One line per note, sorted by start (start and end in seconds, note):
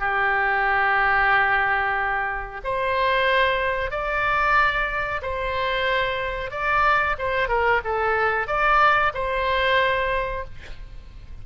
0.00 2.61 G4
2.64 3.91 C5
3.91 5.21 D5
5.22 6.51 C5
6.51 7.16 D5
7.18 7.49 C5
7.49 7.81 A#4
7.84 8.47 A4
8.47 9.12 D5
9.14 10.45 C5